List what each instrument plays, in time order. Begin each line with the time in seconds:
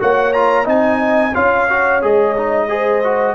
0.00 tuba A#3, trombone F#4, horn C#5, trumpet F#5
0.33 trombone F4, trumpet A#5
0.65 tuba C4, trombone D#4, horn D#5, trumpet G#5
1.34 tuba C#4, trombone F4, horn C#5, trumpet F5
1.70 trombone F#4
2.02 tuba G#3, trombone G#4, trumpet D#5
2.38 trombone D#4
2.69 trombone G#4, horn C5
3.04 trombone F#4